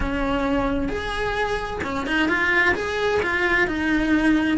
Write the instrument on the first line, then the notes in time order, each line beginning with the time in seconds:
cello
0.00 C#4
0.88 G#4
1.83 C#4
2.07 D#4
2.28 F4
2.74 G#4
3.22 F4
3.67 D#4